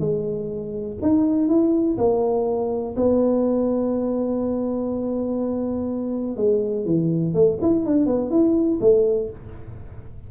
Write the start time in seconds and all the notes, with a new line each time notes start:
0.00 G#3
1.02 D#4
1.49 E4
1.98 A#3
2.97 B3
6.37 G#3
6.86 E3
7.34 A3
7.62 E4
7.86 D4
8.06 B3
8.31 E4
8.81 A3